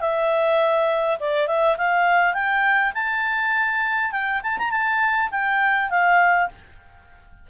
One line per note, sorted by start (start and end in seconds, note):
0.00 1.18 E5
1.20 1.47 D5
1.47 1.77 E5
1.77 2.34 F5
2.34 2.93 G5
2.94 4.11 A5
4.11 4.41 G5
4.43 4.58 A5
4.58 4.71 A#5
4.71 5.29 A5
5.31 5.90 G5
5.90 6.49 F5